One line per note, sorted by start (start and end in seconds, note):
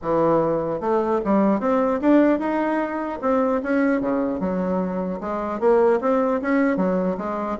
0.01 0.80 E3
0.80 1.20 A3
1.24 1.59 G3
1.59 1.99 C4
2.01 2.39 D4
2.39 3.19 D#4
3.21 3.61 C4
3.63 4.01 C#4
4.01 4.40 C#3
4.40 5.20 F#3
5.20 5.59 G#3
5.59 5.99 A#3
6.01 6.41 C4
6.41 6.77 C#4
6.77 7.17 F#3
7.17 7.57 G#3